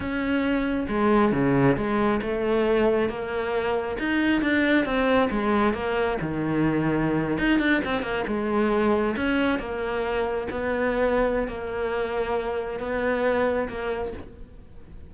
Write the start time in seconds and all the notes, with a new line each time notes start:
0.00 C#4
0.88 G#3
1.32 C#3
1.76 G#3
2.21 A3
3.09 A#3
3.98 D#4
4.41 D4
4.85 C4
5.31 G#3
5.73 A#3
6.21 D#3
7.38 D#4
7.59 D4
7.84 C4
8.02 A#3
8.27 G#3
9.16 C#4
9.59 A#3
10.51 B3
11.48 A#3
12.79 B3
13.68 A#3